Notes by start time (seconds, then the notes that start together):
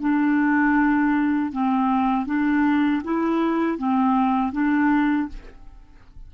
0.00 D4
1.52 C4
2.26 D4
3.04 E4
3.78 C4
4.52 D4